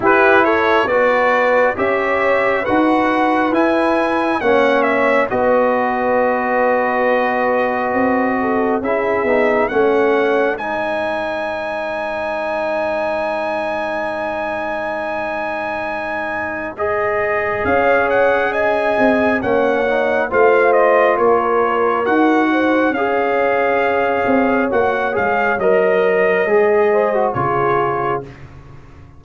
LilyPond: <<
  \new Staff \with { instrumentName = "trumpet" } { \time 4/4 \tempo 4 = 68 b'8 cis''8 d''4 e''4 fis''4 | gis''4 fis''8 e''8 dis''2~ | dis''2 e''4 fis''4 | gis''1~ |
gis''2. dis''4 | f''8 fis''8 gis''4 fis''4 f''8 dis''8 | cis''4 fis''4 f''2 | fis''8 f''8 dis''2 cis''4 | }
  \new Staff \with { instrumentName = "horn" } { \time 4/4 g'8 a'8 b'4 cis''4 b'4~ | b'4 cis''4 b'2~ | b'4. a'8 gis'4 cis''4 | c''1~ |
c''1 | cis''4 dis''4 cis''4 c''4 | ais'4. c''8 cis''2~ | cis''2~ cis''8 c''8 gis'4 | }
  \new Staff \with { instrumentName = "trombone" } { \time 4/4 e'4 fis'4 g'4 fis'4 | e'4 cis'4 fis'2~ | fis'2 e'8 dis'8 cis'4 | dis'1~ |
dis'2. gis'4~ | gis'2 cis'8 dis'8 f'4~ | f'4 fis'4 gis'2 | fis'8 gis'8 ais'4 gis'8. fis'16 f'4 | }
  \new Staff \with { instrumentName = "tuba" } { \time 4/4 e'4 b4 cis'4 dis'4 | e'4 ais4 b2~ | b4 c'4 cis'8 b8 a4 | gis1~ |
gis1 | cis'4. c'8 ais4 a4 | ais4 dis'4 cis'4. c'8 | ais8 gis8 fis4 gis4 cis4 | }
>>